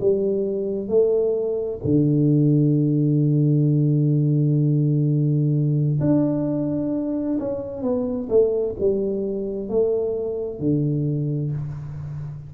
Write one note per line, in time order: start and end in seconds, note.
0.00 0.88 G3
0.88 1.80 A3
1.84 6.00 D3
6.00 7.38 D4
7.39 7.82 C#4
7.82 8.28 B3
8.29 8.75 A3
8.79 9.69 G3
9.69 10.59 A3
10.59 11.52 D3